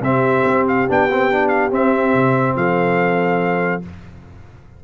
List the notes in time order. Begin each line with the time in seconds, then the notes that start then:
0.00 C3 C4 G4 E5
0.44 C4
0.68 F5
0.88 B3 D4 G5
1.11 C4
1.31 D4
1.48 F5
1.71 C4 E5
2.13 C3
2.55 F3 A4 F5